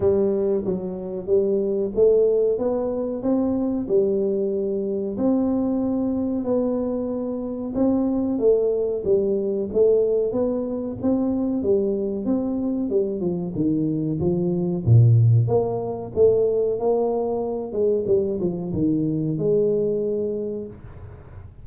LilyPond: \new Staff \with { instrumentName = "tuba" } { \time 4/4 \tempo 4 = 93 g4 fis4 g4 a4 | b4 c'4 g2 | c'2 b2 | c'4 a4 g4 a4 |
b4 c'4 g4 c'4 | g8 f8 dis4 f4 ais,4 | ais4 a4 ais4. gis8 | g8 f8 dis4 gis2 | }